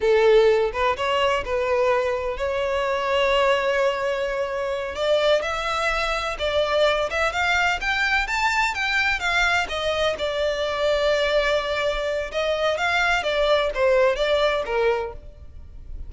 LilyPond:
\new Staff \with { instrumentName = "violin" } { \time 4/4 \tempo 4 = 127 a'4. b'8 cis''4 b'4~ | b'4 cis''2.~ | cis''2~ cis''8 d''4 e''8~ | e''4. d''4. e''8 f''8~ |
f''8 g''4 a''4 g''4 f''8~ | f''8 dis''4 d''2~ d''8~ | d''2 dis''4 f''4 | d''4 c''4 d''4 ais'4 | }